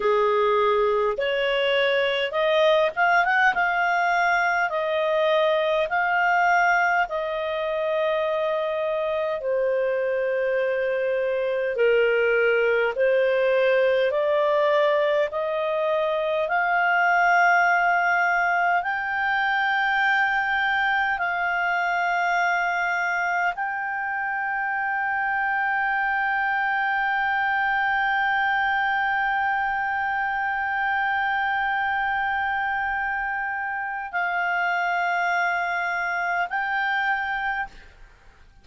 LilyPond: \new Staff \with { instrumentName = "clarinet" } { \time 4/4 \tempo 4 = 51 gis'4 cis''4 dis''8 f''16 fis''16 f''4 | dis''4 f''4 dis''2 | c''2 ais'4 c''4 | d''4 dis''4 f''2 |
g''2 f''2 | g''1~ | g''1~ | g''4 f''2 g''4 | }